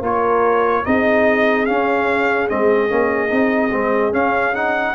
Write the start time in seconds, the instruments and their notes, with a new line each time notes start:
0.00 tuba A#3, trombone F4, horn A#4, trumpet C#5
0.84 tuba C4, trombone D#4, horn G#4, trumpet D#5
1.66 trombone C#4, tuba C#4, trumpet F5
2.48 tuba G#3, trombone C4, trumpet D#5
2.88 tuba A#3, trombone C#4
3.28 tuba C4, trombone D#4
3.71 tuba G#3, trombone C4
4.12 trombone C#4, tuba C#4, trumpet F5
4.53 trombone D#4, trumpet F#5